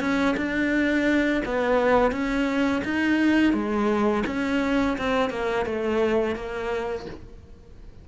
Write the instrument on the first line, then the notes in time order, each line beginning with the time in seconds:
cello
0.00 C#4
0.37 D4
1.46 B3
2.12 C#4
2.85 D#4
3.53 G#3
4.27 C#4
4.98 C4
5.30 A#3
5.66 A3
6.36 A#3